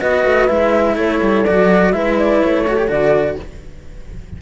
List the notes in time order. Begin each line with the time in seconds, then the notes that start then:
0.00 B3 F#4 B4 D#5
0.25 A3
0.48 G#3 E4 E5
0.96 A3 A4 C#5
1.22 G3
1.45 F#3 F#4 D5
1.93 G#3 E4 B4 E5
2.18 D5
2.42 A3 C#5
2.68 F#4 A4
2.77 G4
2.88 D3 F#4 D5